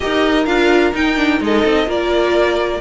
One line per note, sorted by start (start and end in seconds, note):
0.00 0.46 D#4
0.00 0.45 G4
0.00 1.43 A#4
0.00 0.45 D#5
0.45 0.93 D4
0.45 0.93 F4
0.45 0.92 F5
0.93 1.16 D#4
0.93 1.40 D#4
0.93 1.42 G5
1.16 1.39 D4
1.40 1.63 G#3
1.40 1.86 D#4
1.40 1.87 A4
1.40 1.90 D#5
1.65 1.87 C4
1.86 2.80 A#3
1.86 2.79 F4
1.86 2.81 A#4
1.86 2.81 D5